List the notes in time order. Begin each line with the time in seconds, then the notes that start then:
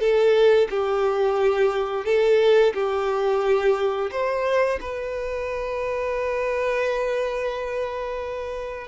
0.00 A4
0.70 G4
2.05 A4
2.74 G4
4.11 C5
4.81 B4